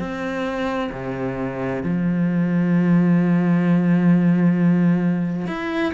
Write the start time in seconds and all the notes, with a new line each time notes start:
0.00 C4
0.93 C3
1.83 F3
5.48 E4